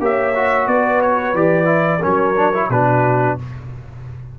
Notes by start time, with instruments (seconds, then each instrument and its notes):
0.00 tuba A#3, trombone G4, horn C#5, trumpet E5
0.35 trombone F#4
0.67 tuba B3, horn B4, trumpet D5
1.02 trumpet C#5
1.34 tuba E3, trombone G4, trumpet D5
1.65 trombone E4
2.00 tuba F#3, trombone C#4, horn A#4, trumpet C#5
2.36 trombone D4
2.54 trombone E4
2.69 tuba B2, trombone D4, horn F#4, trumpet B4